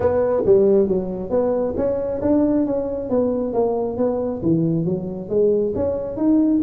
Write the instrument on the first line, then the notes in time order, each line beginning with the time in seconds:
tuba
0.00 B3
0.46 G3
0.87 F#3
1.30 B3
1.76 C#4
2.21 D4
2.66 C#4
3.09 B3
3.53 A#3
3.97 B3
4.42 E3
4.85 F#3
5.29 G#3
5.75 C#4
6.16 D#4